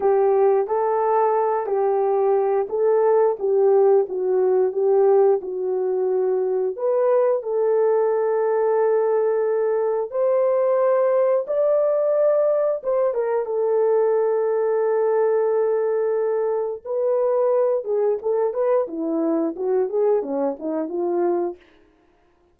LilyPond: \new Staff \with { instrumentName = "horn" } { \time 4/4 \tempo 4 = 89 g'4 a'4. g'4. | a'4 g'4 fis'4 g'4 | fis'2 b'4 a'4~ | a'2. c''4~ |
c''4 d''2 c''8 ais'8 | a'1~ | a'4 b'4. gis'8 a'8 b'8 | e'4 fis'8 gis'8 cis'8 dis'8 f'4 | }